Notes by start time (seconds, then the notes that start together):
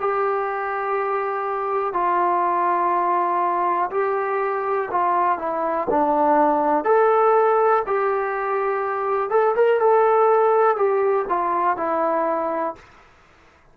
0.00 G4
1.93 F4
3.91 G4
4.91 F4
5.38 E4
5.90 D4
6.85 A4
7.86 G4
9.30 A4
9.56 A#4
9.80 A4
10.77 G4
11.29 F4
11.77 E4